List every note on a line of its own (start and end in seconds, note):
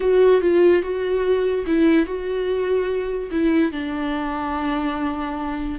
0.00 0.41 F#4
0.41 0.82 F4
0.82 1.65 F#4
1.66 2.06 E4
2.06 3.30 F#4
3.31 3.72 E4
3.72 5.79 D4